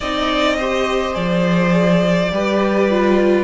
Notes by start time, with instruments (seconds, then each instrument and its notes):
0.00 cello C4, viola D#4, violin D5 D#5
0.58 viola G4, violin C5
1.13 cello F3, viola G#4, violin D5
2.31 cello G3, viola G4, violin B4
2.90 viola F4